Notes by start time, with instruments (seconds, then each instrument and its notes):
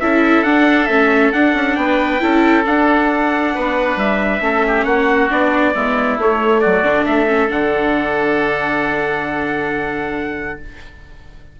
0.00 bassoon C#4, viola E4, oboe A4, trumpet E5
0.43 bassoon D4, viola D4, trumpet F#5
0.86 bassoon A3, viola C#4, trumpet E5
1.32 bassoon D4, viola D4, trumpet F#5
1.54 bassoon C#4
1.76 bassoon B3, oboe B4, trumpet G5
2.20 bassoon C#4, viola E4, oboe A4
2.63 viola D4, bassoon D4, trumpet F#5
3.55 bassoon B3, oboe B4
3.96 bassoon G3, trumpet E5
4.40 bassoon A3, viola C#4, oboe A4
4.67 oboe G4
4.84 bassoon A#3, oboe F#4, trumpet F#5
5.30 bassoon B3, viola D4, trumpet D5
5.74 bassoon G#3, viola B3, oboe E4
6.17 bassoon A3, viola A3, trumpet C#5
6.60 bassoon F#3, oboe F#4, trumpet D5
6.82 bassoon D3, viola D4
7.06 bassoon A3, oboe A4, trumpet E5
7.27 viola C#4
7.48 bassoon D3, viola D4, trumpet F#5